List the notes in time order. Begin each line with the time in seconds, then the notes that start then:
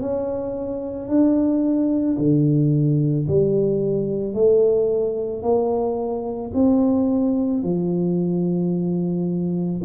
0.00 C#4
1.08 D4
2.18 D3
3.27 G3
4.33 A3
5.42 A#3
6.54 C4
7.63 F3